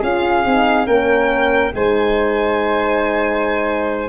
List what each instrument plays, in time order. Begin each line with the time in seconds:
0.00 tuba C#4, horn F4, flute G#4, violin F5
0.45 tuba C4, horn D#4
0.86 tuba A#3, horn C#4, flute A#4, violin G5
1.75 tuba G#3, horn D#4, flute C5, violin G#5